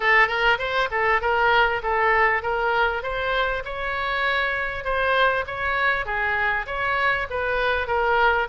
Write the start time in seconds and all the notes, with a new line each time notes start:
0.00 A4
0.27 A#4
0.58 C5
0.91 A4
1.21 A#4
1.82 A4
2.42 A#4
3.02 C5
3.64 C#5
4.84 C5
5.47 C#5
6.05 G#4
6.66 C#5
7.29 B4
7.87 A#4